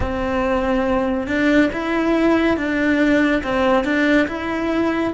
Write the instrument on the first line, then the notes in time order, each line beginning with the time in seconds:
cello
0.00 C4
1.27 D4
1.73 E4
2.56 D4
3.43 C4
3.84 D4
4.27 E4